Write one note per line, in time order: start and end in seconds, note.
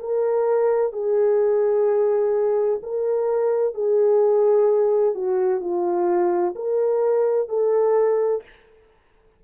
0.00 0.93 A#4
0.93 2.80 G#4
2.83 3.75 A#4
3.75 5.15 G#4
5.15 5.61 F#4
5.61 6.55 F4
6.56 7.49 A#4
7.49 8.43 A4